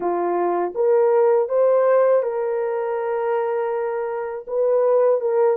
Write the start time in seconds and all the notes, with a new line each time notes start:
0.00 F4
0.74 A#4
1.48 C5
2.23 A#4
4.46 B4
5.20 A#4